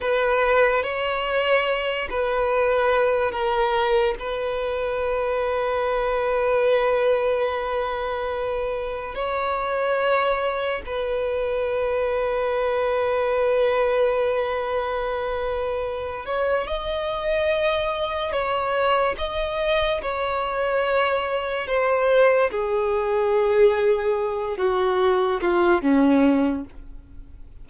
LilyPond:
\new Staff \with { instrumentName = "violin" } { \time 4/4 \tempo 4 = 72 b'4 cis''4. b'4. | ais'4 b'2.~ | b'2. cis''4~ | cis''4 b'2.~ |
b'2.~ b'8 cis''8 | dis''2 cis''4 dis''4 | cis''2 c''4 gis'4~ | gis'4. fis'4 f'8 cis'4 | }